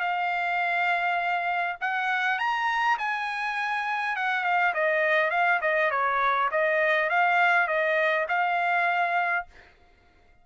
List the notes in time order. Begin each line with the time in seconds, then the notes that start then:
0.00 F5
1.81 F#5
2.39 A#5
2.98 G#5
4.16 F#5
4.44 F5
4.74 D#5
5.30 F5
5.61 D#5
5.91 C#5
6.51 D#5
7.09 F5
7.67 D#5
8.28 F5